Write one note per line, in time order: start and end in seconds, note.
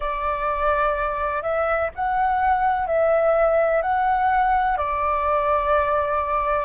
0.00 1.42 D5
1.42 1.90 E5
1.95 2.86 F#5
2.86 3.81 E5
3.82 4.77 F#5
4.77 6.65 D5